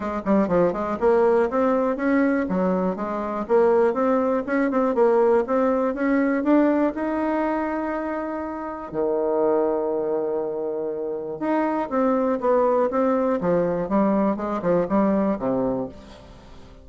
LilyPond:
\new Staff \with { instrumentName = "bassoon" } { \time 4/4 \tempo 4 = 121 gis8 g8 f8 gis8 ais4 c'4 | cis'4 fis4 gis4 ais4 | c'4 cis'8 c'8 ais4 c'4 | cis'4 d'4 dis'2~ |
dis'2 dis2~ | dis2. dis'4 | c'4 b4 c'4 f4 | g4 gis8 f8 g4 c4 | }